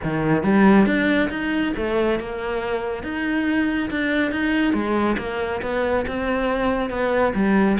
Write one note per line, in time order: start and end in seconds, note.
0.03 0.43 D#3
0.43 0.86 G3
0.86 1.29 D4
1.29 1.72 D#4
1.76 2.19 A3
2.19 3.03 A#3
3.03 3.89 D#4
3.90 4.31 D4
4.31 4.73 D#4
4.73 5.16 G#3
5.18 5.61 A#3
5.62 6.05 B3
6.07 6.89 C4
6.89 7.33 B3
7.34 7.78 G3